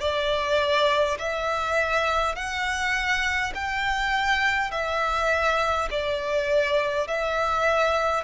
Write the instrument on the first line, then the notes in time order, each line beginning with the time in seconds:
violin
0.00 D5
1.18 E5
2.35 F#5
3.55 G5
4.71 E5
5.90 D5
7.07 E5